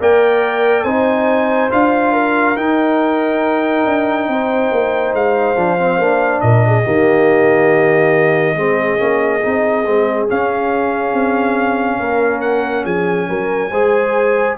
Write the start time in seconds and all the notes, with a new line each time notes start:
0.00 A#3 A#4 D5 G5
0.83 C4 D#4 C5 G#5
1.69 D4 F4 F5
2.12 A#4
2.55 D#4 G5
3.85 D4
4.27 C4 C5
4.71 A#3
5.13 G#3 F5
5.56 F3 D4
5.79 C4
5.97 A#3 D4
6.40 A#2 A#4 D#5
6.66 G#4
6.84 D#3 A#3 G4
8.55 G#3 C4 G#4
8.97 A#3 C#4
9.41 C4 D#4
9.85 G#3 C4
10.28 C#4 F5
11.13 C4
11.99 A#3 A#4
12.41 F#5
12.84 F3 G#4 G#5
13.28 F#3 A#4
13.70 G#3 G#4 C5